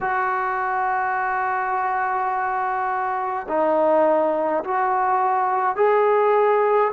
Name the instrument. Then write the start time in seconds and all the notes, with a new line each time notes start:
trombone
0.00 F#4
3.48 D#4
4.64 F#4
5.76 G#4